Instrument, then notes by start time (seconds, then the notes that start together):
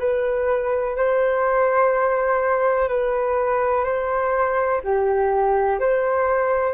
flute
0.00 B4
0.97 C5
2.89 B4
3.85 C5
4.84 G4
5.80 C5